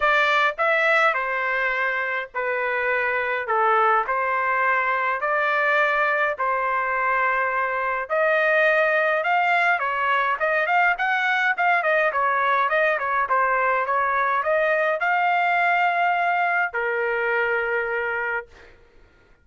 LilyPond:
\new Staff \with { instrumentName = "trumpet" } { \time 4/4 \tempo 4 = 104 d''4 e''4 c''2 | b'2 a'4 c''4~ | c''4 d''2 c''4~ | c''2 dis''2 |
f''4 cis''4 dis''8 f''8 fis''4 | f''8 dis''8 cis''4 dis''8 cis''8 c''4 | cis''4 dis''4 f''2~ | f''4 ais'2. | }